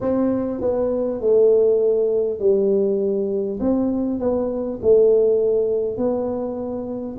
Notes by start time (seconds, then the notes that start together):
0.01 C4
0.60 B3
1.21 A3
2.39 G3
3.60 C4
4.19 B3
4.82 A3
5.97 B3